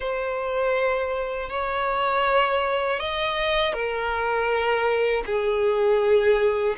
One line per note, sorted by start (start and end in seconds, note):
0.00 1.49 C5
1.49 2.99 C#5
2.99 3.73 D#5
3.73 5.23 A#4
5.25 6.75 G#4